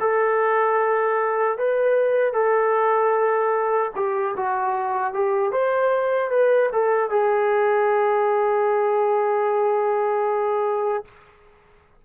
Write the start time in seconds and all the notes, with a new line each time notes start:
0.00 A4
1.58 B4
2.34 A4
3.96 G4
4.36 F#4
5.14 G4
5.52 C5
6.31 B4
6.72 A4
7.10 G#4